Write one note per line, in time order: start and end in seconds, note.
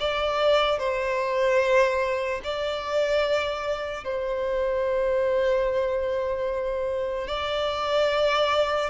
0.00 0.79 D5
0.79 2.41 C5
2.44 4.04 D5
4.04 7.28 C5
7.28 8.90 D5